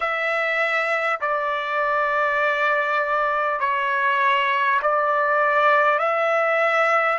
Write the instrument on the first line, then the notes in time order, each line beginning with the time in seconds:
trumpet
0.00 E5
1.20 D5
3.59 C#5
4.82 D5
5.98 E5